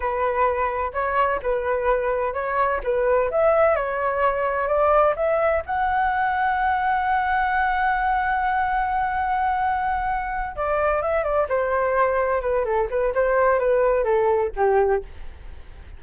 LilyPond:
\new Staff \with { instrumentName = "flute" } { \time 4/4 \tempo 4 = 128 b'2 cis''4 b'4~ | b'4 cis''4 b'4 e''4 | cis''2 d''4 e''4 | fis''1~ |
fis''1~ | fis''2~ fis''8 d''4 e''8 | d''8 c''2 b'8 a'8 b'8 | c''4 b'4 a'4 g'4 | }